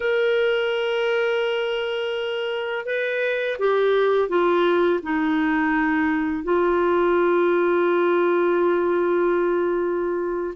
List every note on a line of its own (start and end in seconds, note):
0.00 2.85 A#4
2.85 3.57 B4
3.58 4.28 G4
4.28 5.00 F4
5.02 6.43 D#4
6.43 10.54 F4